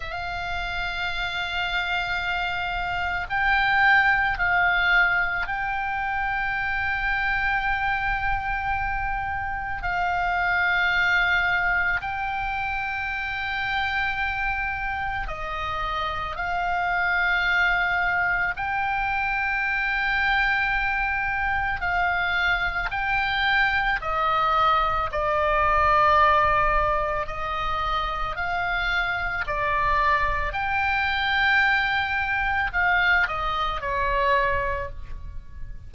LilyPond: \new Staff \with { instrumentName = "oboe" } { \time 4/4 \tempo 4 = 55 f''2. g''4 | f''4 g''2.~ | g''4 f''2 g''4~ | g''2 dis''4 f''4~ |
f''4 g''2. | f''4 g''4 dis''4 d''4~ | d''4 dis''4 f''4 d''4 | g''2 f''8 dis''8 cis''4 | }